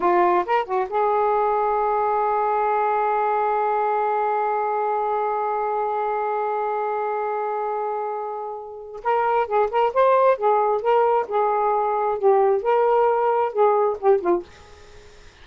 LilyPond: \new Staff \with { instrumentName = "saxophone" } { \time 4/4 \tempo 4 = 133 f'4 ais'8 fis'8 gis'2~ | gis'1~ | gis'1~ | gis'1~ |
gis'1 | ais'4 gis'8 ais'8 c''4 gis'4 | ais'4 gis'2 g'4 | ais'2 gis'4 g'8 f'8 | }